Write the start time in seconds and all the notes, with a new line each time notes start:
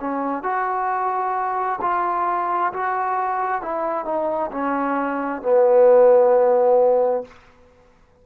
0.00 C#4
0.43 F#4
1.81 F4
2.73 F#4
3.62 E4
4.05 D#4
4.51 C#4
5.42 B3